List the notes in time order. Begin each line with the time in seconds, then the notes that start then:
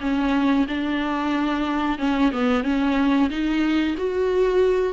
0.00 C#4
0.68 D4
1.98 C#4
2.32 B3
2.63 C#4
3.29 D#4
3.97 F#4